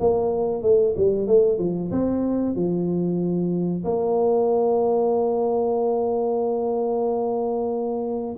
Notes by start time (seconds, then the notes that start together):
0.00 A#3
0.62 A3
0.97 G3
1.27 A3
1.58 F3
1.91 C4
2.55 F3
3.84 A#3